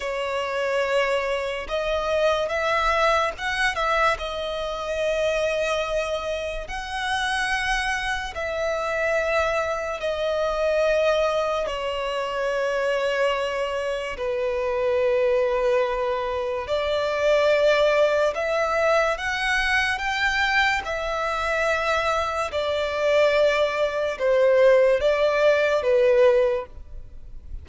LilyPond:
\new Staff \with { instrumentName = "violin" } { \time 4/4 \tempo 4 = 72 cis''2 dis''4 e''4 | fis''8 e''8 dis''2. | fis''2 e''2 | dis''2 cis''2~ |
cis''4 b'2. | d''2 e''4 fis''4 | g''4 e''2 d''4~ | d''4 c''4 d''4 b'4 | }